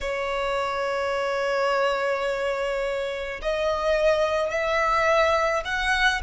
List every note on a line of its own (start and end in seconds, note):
0.01 3.40 C#5
3.42 4.50 D#5
4.50 5.63 E5
5.64 6.21 F#5